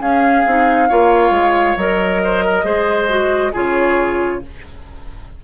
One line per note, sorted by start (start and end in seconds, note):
0.00 0.44 C#4
0.00 0.89 G#4
0.00 1.77 F5
0.46 0.90 C4
0.46 0.89 D#4
0.89 1.30 A#3
0.89 1.77 F4
0.89 2.21 C#5
1.30 1.74 G#3
1.76 2.63 F#3
1.76 2.63 A#4
1.76 3.53 D#5
2.23 2.44 C5
2.44 2.65 A#4
2.63 3.51 G#3
2.63 3.08 G#4
2.63 3.52 C5
3.08 3.52 F#4
3.52 4.44 C#3
3.52 4.42 F4
3.52 4.40 G#4
3.52 4.43 C#5